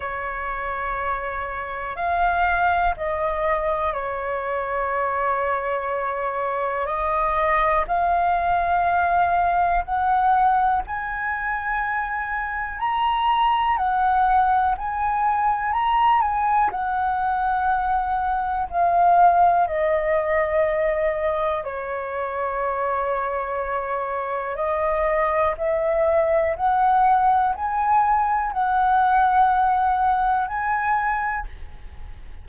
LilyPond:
\new Staff \with { instrumentName = "flute" } { \time 4/4 \tempo 4 = 61 cis''2 f''4 dis''4 | cis''2. dis''4 | f''2 fis''4 gis''4~ | gis''4 ais''4 fis''4 gis''4 |
ais''8 gis''8 fis''2 f''4 | dis''2 cis''2~ | cis''4 dis''4 e''4 fis''4 | gis''4 fis''2 gis''4 | }